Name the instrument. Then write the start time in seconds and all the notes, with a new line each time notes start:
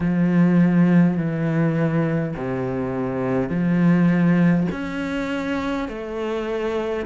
cello
0.00 F3
1.17 E3
2.36 C3
3.49 F3
4.71 C#4
5.88 A3